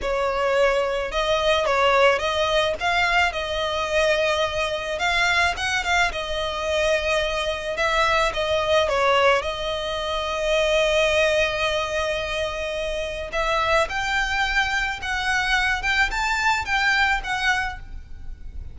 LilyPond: \new Staff \with { instrumentName = "violin" } { \time 4/4 \tempo 4 = 108 cis''2 dis''4 cis''4 | dis''4 f''4 dis''2~ | dis''4 f''4 fis''8 f''8 dis''4~ | dis''2 e''4 dis''4 |
cis''4 dis''2.~ | dis''1 | e''4 g''2 fis''4~ | fis''8 g''8 a''4 g''4 fis''4 | }